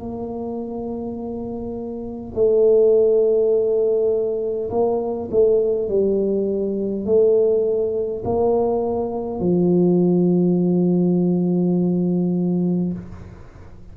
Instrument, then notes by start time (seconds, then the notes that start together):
tuba
0.00 A#3
2.35 A3
4.71 A#3
5.31 A3
5.89 G3
7.05 A3
8.25 A#3
9.40 F3